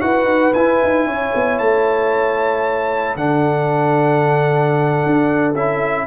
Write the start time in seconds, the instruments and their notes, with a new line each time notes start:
0.00 tuba E4, trombone F#4, horn B4, trumpet F#5
0.25 tuba D#4
0.54 tuba E4, trombone E4, trumpet G#5
0.83 tuba D#4
1.06 tuba C#4, horn C#5
1.35 tuba B3
1.58 tuba A3, trumpet A5
3.16 tuba D3, trombone D4, horn A4, trumpet F#5
5.06 tuba D4
5.54 tuba C#4, trombone E4, trumpet E5